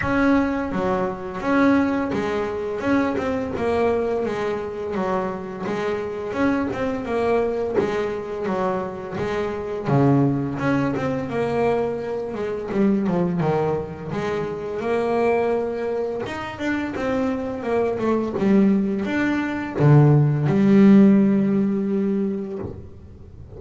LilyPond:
\new Staff \with { instrumentName = "double bass" } { \time 4/4 \tempo 4 = 85 cis'4 fis4 cis'4 gis4 | cis'8 c'8 ais4 gis4 fis4 | gis4 cis'8 c'8 ais4 gis4 | fis4 gis4 cis4 cis'8 c'8 |
ais4. gis8 g8 f8 dis4 | gis4 ais2 dis'8 d'8 | c'4 ais8 a8 g4 d'4 | d4 g2. | }